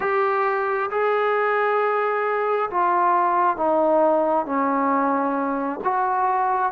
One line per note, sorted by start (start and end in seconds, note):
0.00 0.90 G4
0.90 2.69 G#4
2.70 3.56 F4
3.56 4.45 D#4
4.45 5.80 C#4
5.84 6.72 F#4